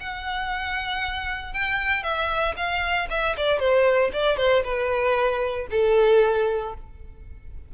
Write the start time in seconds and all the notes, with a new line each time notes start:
0.00 F#5
1.53 G5
2.03 E5
2.57 F5
3.10 E5
3.37 D5
3.59 C5
4.13 D5
4.37 C5
4.64 B4
5.71 A4